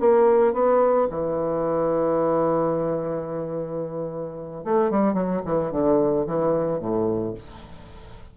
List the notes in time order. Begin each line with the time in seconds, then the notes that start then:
0.00 A#3
0.53 B3
1.10 E3
4.64 A3
4.90 G3
5.14 F#3
5.45 E3
5.71 D3
6.27 E3
6.80 A2